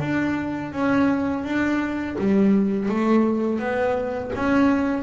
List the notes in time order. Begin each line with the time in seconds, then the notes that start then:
0.00 D4
0.72 C#4
1.44 D4
2.19 G3
2.89 A3
3.59 B3
4.35 C#4